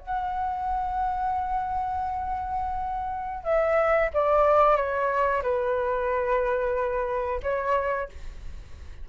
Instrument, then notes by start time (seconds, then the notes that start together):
flute
0.00 F#5
3.44 E5
4.14 D5
4.77 C#5
5.43 B4
7.44 C#5